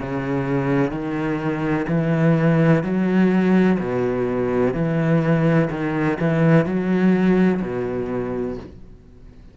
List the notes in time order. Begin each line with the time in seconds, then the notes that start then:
0.00 C#3
0.91 D#3
1.88 E3
2.83 F#3
3.79 B2
4.74 E3
5.71 D#3
6.20 E3
6.66 F#3
7.62 B2